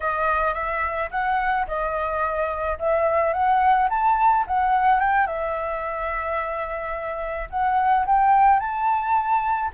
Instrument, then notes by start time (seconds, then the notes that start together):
flute
0.00 D#5
0.54 E5
1.10 F#5
1.67 D#5
2.79 E5
3.33 F#5
3.89 A5
4.47 F#5
4.99 G5
5.26 E5
7.50 F#5
8.06 G5
8.59 A5